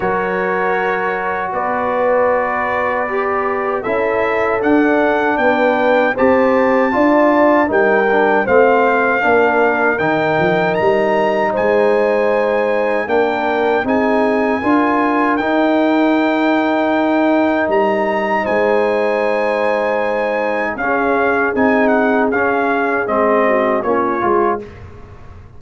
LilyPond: <<
  \new Staff \with { instrumentName = "trumpet" } { \time 4/4 \tempo 4 = 78 cis''2 d''2~ | d''4 e''4 fis''4 g''4 | a''2 g''4 f''4~ | f''4 g''4 ais''4 gis''4~ |
gis''4 g''4 gis''2 | g''2. ais''4 | gis''2. f''4 | gis''8 fis''8 f''4 dis''4 cis''4 | }
  \new Staff \with { instrumentName = "horn" } { \time 4/4 ais'2 b'2~ | b'4 a'2 b'4 | c''4 d''4 ais'4 c''4 | ais'2. c''4~ |
c''4 ais'4 gis'4 ais'4~ | ais'1 | c''2. gis'4~ | gis'2~ gis'8 fis'8 f'4 | }
  \new Staff \with { instrumentName = "trombone" } { \time 4/4 fis'1 | g'4 e'4 d'2 | g'4 f'4 dis'8 d'8 c'4 | d'4 dis'2.~ |
dis'4 d'4 dis'4 f'4 | dis'1~ | dis'2. cis'4 | dis'4 cis'4 c'4 cis'8 f'8 | }
  \new Staff \with { instrumentName = "tuba" } { \time 4/4 fis2 b2~ | b4 cis'4 d'4 b4 | c'4 d'4 g4 a4 | ais4 dis8 f8 g4 gis4~ |
gis4 ais4 c'4 d'4 | dis'2. g4 | gis2. cis'4 | c'4 cis'4 gis4 ais8 gis8 | }
>>